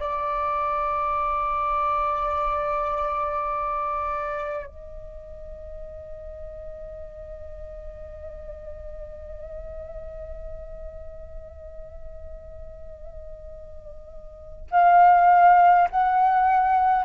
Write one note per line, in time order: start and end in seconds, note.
0.00 4.67 D5
4.67 14.67 D#5
14.71 15.89 F5
15.91 17.05 F#5